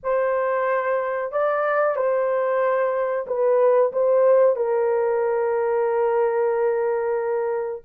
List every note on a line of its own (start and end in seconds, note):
0.03 1.32 C5
1.32 1.96 D5
1.96 3.26 C5
3.26 3.91 B4
3.92 4.56 C5
4.56 7.82 A#4